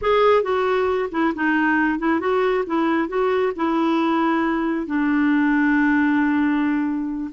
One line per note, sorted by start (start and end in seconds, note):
0.01 0.42 G#4
0.42 1.09 F#4
1.11 1.33 E4
1.35 1.98 D#4
1.98 2.20 E4
2.20 2.64 F#4
2.66 3.08 E4
3.08 3.52 F#4
3.56 4.86 E4
4.86 7.30 D4